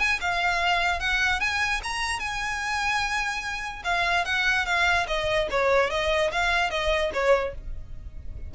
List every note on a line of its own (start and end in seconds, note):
0.00 0.20 G#5
0.21 1.00 F5
1.00 1.41 F#5
1.41 1.81 G#5
1.84 2.20 A#5
2.20 3.83 G#5
3.85 4.25 F5
4.25 4.66 F#5
4.66 5.07 F5
5.08 5.49 D#5
5.51 5.91 C#5
5.91 6.31 D#5
6.32 6.71 F5
6.71 7.12 D#5
7.14 7.55 C#5